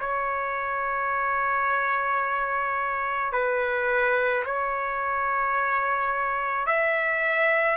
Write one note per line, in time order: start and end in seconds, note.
0.00 3.33 C#5
3.33 4.44 B4
4.45 6.67 C#5
6.67 7.77 E5